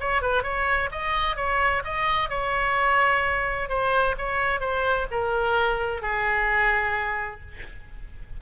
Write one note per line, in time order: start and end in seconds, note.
0.00 0.21 C#5
0.21 0.42 B4
0.42 0.89 C#5
0.91 1.36 D#5
1.36 1.82 C#5
1.84 2.29 D#5
2.29 3.69 C#5
3.69 4.15 C5
4.17 4.60 C#5
4.60 5.07 C5
5.11 6.01 A#4
6.01 7.41 G#4